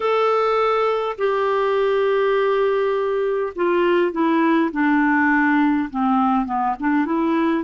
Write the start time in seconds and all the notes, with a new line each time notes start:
0.00 A4
1.18 G4
3.55 F4
4.12 E4
4.71 D4
5.89 C4
6.45 B3
6.79 D4
7.05 E4